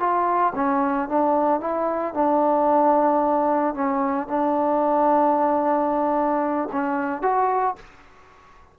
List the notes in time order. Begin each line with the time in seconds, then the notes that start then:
0.00 F4
0.56 C#4
1.09 D4
1.61 E4
2.14 D4
3.75 C#4
4.28 D4
6.73 C#4
7.22 F#4